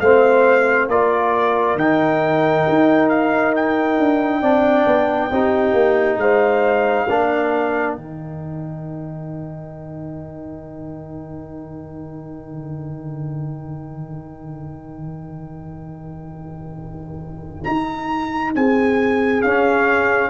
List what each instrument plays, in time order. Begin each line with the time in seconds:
0.00 tuba A3, trombone C4, horn C5, trumpet F5
0.88 tuba A#3, trombone F4, horn A#4, trumpet D5
1.75 tuba D#3, trombone D#4, trumpet G5
2.68 tuba D#4
3.09 trumpet F5
3.55 trumpet G5
3.99 tuba D4
4.40 tuba C4, trombone D4, horn D5
4.86 tuba B3
5.31 tuba C4, trombone D#4, horn G4
5.73 tuba A#3
6.17 tuba G#3, horn C5, trumpet F5
7.08 tuba A#3, trombone D4, horn A#4
7.94 tuba D#3, trombone D#4, trumpet G5
17.64 tuba D#4, trumpet A#5
18.55 tuba C4, horn G#4, trumpet G#5
19.42 tuba C#4, trombone C#4, trumpet F5